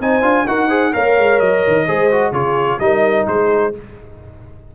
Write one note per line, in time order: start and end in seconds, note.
0.00 0.23 C4
0.00 0.22 D#4
0.00 0.48 C5
0.00 0.47 G#5
0.22 0.46 D4
0.22 0.46 F4
0.47 0.94 D#4
0.47 0.69 F#4
0.47 0.67 A#4
0.47 0.93 F#5
0.67 0.93 G#4
0.67 0.91 C5
0.93 1.18 A#3
0.93 1.86 A#4
0.93 1.86 C#5
0.93 1.40 F5
1.18 1.40 G#3
1.40 1.64 F#3
1.40 2.33 D#5
1.67 1.89 D#3
1.87 2.32 G#3
1.87 2.11 G#4
1.87 2.33 C5
2.12 2.34 F#4
2.32 2.78 C#3
2.32 2.80 F4
2.32 2.79 G#4
2.32 2.79 C#5
2.79 3.26 G3
2.79 3.73 D#4
2.79 3.29 A#4
2.79 3.26 D#5
3.27 3.74 G#3
3.27 3.76 G#4
3.27 3.74 C5